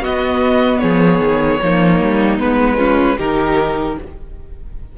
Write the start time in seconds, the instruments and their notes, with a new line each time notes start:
0.00 cello B3, viola B3, violin F#4 D#5
0.78 cello F3, violin G#4 C#5
1.19 cello D#3
1.61 cello F3, viola A#3, violin D#4
2.01 cello G3
2.38 cello G#3, viola B3, violin B4
2.77 viola C#4, violin F4
3.17 cello D#3, viola D#4, violin G4 A#4